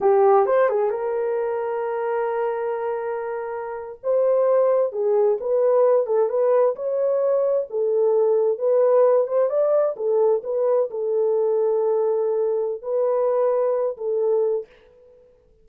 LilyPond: \new Staff \with { instrumentName = "horn" } { \time 4/4 \tempo 4 = 131 g'4 c''8 gis'8 ais'2~ | ais'1~ | ais'8. c''2 gis'4 b'16~ | b'4~ b'16 a'8 b'4 cis''4~ cis''16~ |
cis''8. a'2 b'4~ b'16~ | b'16 c''8 d''4 a'4 b'4 a'16~ | a'1 | b'2~ b'8 a'4. | }